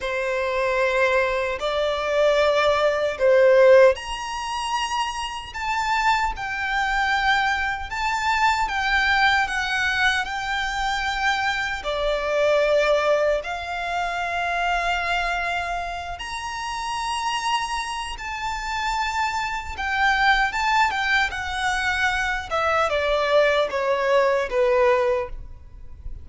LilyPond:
\new Staff \with { instrumentName = "violin" } { \time 4/4 \tempo 4 = 76 c''2 d''2 | c''4 ais''2 a''4 | g''2 a''4 g''4 | fis''4 g''2 d''4~ |
d''4 f''2.~ | f''8 ais''2~ ais''8 a''4~ | a''4 g''4 a''8 g''8 fis''4~ | fis''8 e''8 d''4 cis''4 b'4 | }